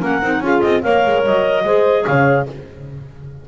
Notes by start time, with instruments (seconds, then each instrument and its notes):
0.00 double bass A#3, clarinet C#4 F#5, horn A#4
0.23 double bass C4, clarinet D#4
0.40 double bass C#4, clarinet F4 F5, horn G#4
0.62 double bass C4, clarinet D#5
0.83 double bass A#3, clarinet A#4 F5, horn C#5
1.06 double bass G#3
1.26 double bass F#3, clarinet D#5
1.65 double bass G#3, clarinet G#4, horn C5
2.06 double bass C#3, horn C#5, clarinet F5